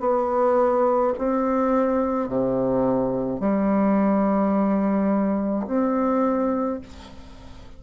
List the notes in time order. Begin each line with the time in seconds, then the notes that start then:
0.00 B3
1.18 C4
2.28 C3
3.40 G3
5.67 C4